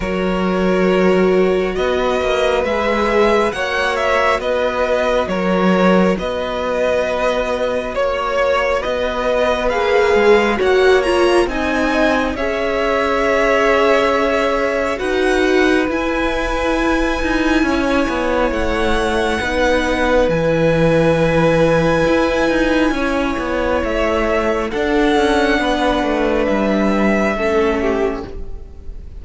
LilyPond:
<<
  \new Staff \with { instrumentName = "violin" } { \time 4/4 \tempo 4 = 68 cis''2 dis''4 e''4 | fis''8 e''8 dis''4 cis''4 dis''4~ | dis''4 cis''4 dis''4 f''4 | fis''8 ais''8 gis''4 e''2~ |
e''4 fis''4 gis''2~ | gis''4 fis''2 gis''4~ | gis''2. e''4 | fis''2 e''2 | }
  \new Staff \with { instrumentName = "violin" } { \time 4/4 ais'2 b'2 | cis''4 b'4 ais'4 b'4~ | b'4 cis''4 b'2 | cis''4 dis''4 cis''2~ |
cis''4 b'2. | cis''2 b'2~ | b'2 cis''2 | a'4 b'2 a'8 g'8 | }
  \new Staff \with { instrumentName = "viola" } { \time 4/4 fis'2. gis'4 | fis'1~ | fis'2. gis'4 | fis'8 f'8 dis'4 gis'2~ |
gis'4 fis'4 e'2~ | e'2 dis'4 e'4~ | e'1 | d'2. cis'4 | }
  \new Staff \with { instrumentName = "cello" } { \time 4/4 fis2 b8 ais8 gis4 | ais4 b4 fis4 b4~ | b4 ais4 b4 ais8 gis8 | ais4 c'4 cis'2~ |
cis'4 dis'4 e'4. dis'8 | cis'8 b8 a4 b4 e4~ | e4 e'8 dis'8 cis'8 b8 a4 | d'8 cis'8 b8 a8 g4 a4 | }
>>